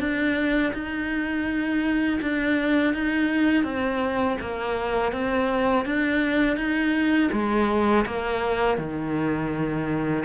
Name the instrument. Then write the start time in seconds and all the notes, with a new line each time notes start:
cello
0.00 D4
0.74 D#4
2.22 D4
2.94 D#4
3.64 C4
4.41 A#3
5.13 C4
5.86 D4
6.57 D#4
7.33 G#3
8.07 A#3
8.78 D#3